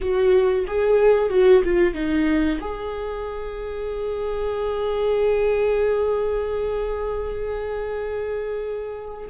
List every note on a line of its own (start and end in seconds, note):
0.01 0.66 F#4
0.67 1.29 G#4
1.29 1.62 F#4
1.64 1.94 F4
1.94 2.59 D#4
2.60 9.29 G#4